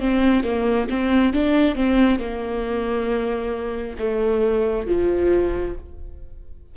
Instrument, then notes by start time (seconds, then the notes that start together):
viola
0.00 C4
0.44 A#3
0.90 C4
1.34 D4
1.76 C4
2.20 A#3
3.99 A3
4.87 F3